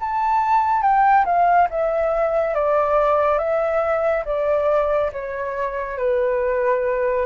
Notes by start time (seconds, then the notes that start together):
0.00 A5
0.82 G5
1.25 F5
1.70 E5
2.55 D5
3.39 E5
4.25 D5
5.12 C#5
5.98 B4